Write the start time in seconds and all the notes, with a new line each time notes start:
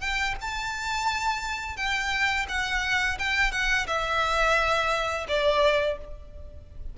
0.00 G5
0.41 A5
1.76 G5
2.48 F#5
3.19 G5
3.52 F#5
3.87 E5
5.28 D5